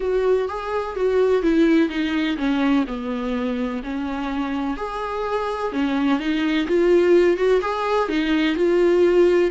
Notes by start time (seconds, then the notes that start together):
0.00 F#4
0.48 G#4
0.95 F#4
1.42 E4
1.89 D#4
2.37 C#4
2.87 B3
3.83 C#4
4.77 G#4
5.72 C#4
6.19 D#4
6.67 F4
7.36 F#4
7.61 G#4
8.09 D#4
8.55 F4